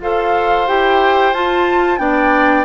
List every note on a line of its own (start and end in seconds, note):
0.00 0.67 F4
0.00 0.68 A4
0.00 2.00 C5
0.00 0.68 F5
0.68 1.33 E4
0.68 1.34 G4
0.68 1.34 G5
1.33 1.99 F4
1.33 1.98 F4
1.33 1.99 A5
1.98 2.65 B3
1.98 2.65 D4
1.98 2.65 D5
1.98 2.65 G5